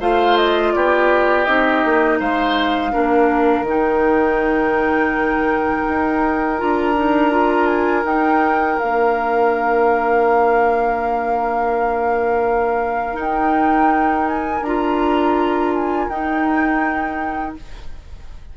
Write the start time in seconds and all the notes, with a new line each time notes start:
0.00 A3 F4 C5 F5
0.37 D#5
0.73 B3 G4 D5
1.45 C4 D#4 D#5
1.85 A#3
2.19 G#3 C5 F5
2.92 A#3 D4 A#4
3.62 D#3
3.68 D#4 G5
5.89 D#4
6.58 D4 F4 A#5
6.96 D#4
7.31 F4
7.67 G#5
8.04 D#4 G5
8.79 A#3 D4 F5
13.14 D#4 G5
14.28 G#5
14.61 D4 F4 A#5
15.74 G#5
16.09 D#4 G5